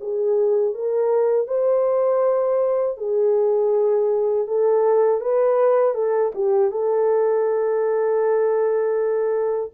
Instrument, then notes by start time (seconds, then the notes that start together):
horn
0.00 G#4
0.74 A#4
1.47 C5
2.97 G#4
4.47 A4
5.21 B4
5.95 A4
6.35 G4
6.71 A4